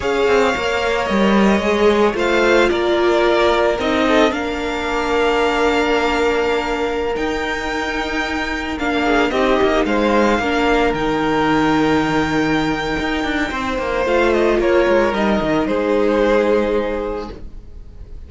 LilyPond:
<<
  \new Staff \with { instrumentName = "violin" } { \time 4/4 \tempo 4 = 111 f''2 dis''2 | f''4 d''2 dis''4 | f''1~ | f''4~ f''16 g''2~ g''8.~ |
g''16 f''4 dis''4 f''4.~ f''16~ | f''16 g''2.~ g''8.~ | g''2 f''8 dis''8 cis''4 | dis''4 c''2. | }
  \new Staff \with { instrumentName = "violin" } { \time 4/4 cis''1 | c''4 ais'2~ ais'8 a'8 | ais'1~ | ais'1~ |
ais'8. gis'8 g'4 c''4 ais'8.~ | ais'1~ | ais'4 c''2 ais'4~ | ais'4 gis'2. | }
  \new Staff \with { instrumentName = "viola" } { \time 4/4 gis'4 ais'2 gis'4 | f'2. dis'4 | d'1~ | d'4~ d'16 dis'2~ dis'8.~ |
dis'16 d'4 dis'2 d'8.~ | d'16 dis'2.~ dis'8.~ | dis'2 f'2 | dis'1 | }
  \new Staff \with { instrumentName = "cello" } { \time 4/4 cis'8 c'8 ais4 g4 gis4 | a4 ais2 c'4 | ais1~ | ais4~ ais16 dis'2~ dis'8.~ |
dis'16 ais4 c'8 ais8 gis4 ais8.~ | ais16 dis2.~ dis8. | dis'8 d'8 c'8 ais8 a4 ais8 gis8 | g8 dis8 gis2. | }
>>